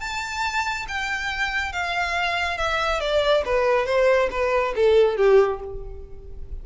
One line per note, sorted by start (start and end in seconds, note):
0.00 0.86 A5
0.88 1.72 G5
1.72 2.58 F5
2.58 3.01 E5
3.01 3.44 D5
3.45 3.86 B4
3.86 4.29 C5
4.31 4.74 B4
4.76 5.17 A4
5.17 5.60 G4